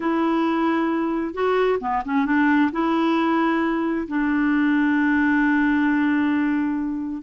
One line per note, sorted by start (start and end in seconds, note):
0.00 1.33 E4
1.33 1.79 F#4
1.80 2.02 B3
2.05 2.25 C#4
2.25 2.70 D4
2.71 4.07 E4
4.07 7.22 D4